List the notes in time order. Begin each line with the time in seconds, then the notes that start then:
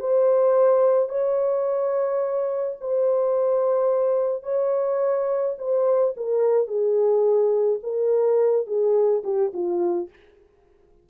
0.00 C5
1.09 C#5
2.81 C5
4.43 C#5
5.58 C5
6.17 A#4
6.67 G#4
7.83 A#4
8.66 G#4
9.24 G4
9.53 F4